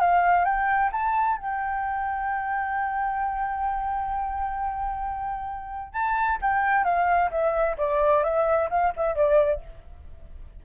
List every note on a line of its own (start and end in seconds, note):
0.00 0.45 F5
0.45 0.91 G5
0.92 1.37 A5
1.37 5.93 G5
5.93 6.39 A5
6.41 6.84 G5
6.84 7.30 F5
7.31 7.77 E5
7.78 8.23 D5
8.23 8.69 E5
8.70 8.93 F5
8.97 9.15 E5
9.15 9.61 D5